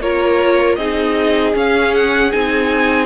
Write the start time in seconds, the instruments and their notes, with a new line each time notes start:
0.00 cello A#3, viola F4, violin A#4 C#5
0.76 cello C4, viola D#4, violin G#4 D#5
1.53 viola C#4, cello C#4, violin F5
1.95 violin F#5
2.32 cello C4, viola D#4, violin G#5